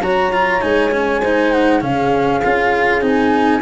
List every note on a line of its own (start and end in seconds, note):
0.00 0.60 F#3
0.00 0.32 F#4
0.00 1.21 C#5
0.00 0.61 A#5
0.32 0.61 F4
0.61 1.81 G#3
0.61 0.91 D#4
0.61 1.51 G#5
0.91 1.21 C#4
1.21 1.80 D#4
1.21 1.81 C5
1.51 1.81 F#5
1.80 2.41 C#3
1.80 2.40 C#4
1.80 3.61 G#4
1.80 3.02 F5
2.44 3.00 C#4
2.44 3.01 F4
3.00 3.60 C4
3.00 3.61 D#4
3.00 3.61 G#5